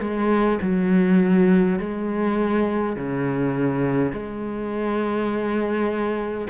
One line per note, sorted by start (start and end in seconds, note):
0.00 0.59 G#3
0.61 1.79 F#3
1.79 2.96 G#3
2.96 4.12 C#3
4.12 6.48 G#3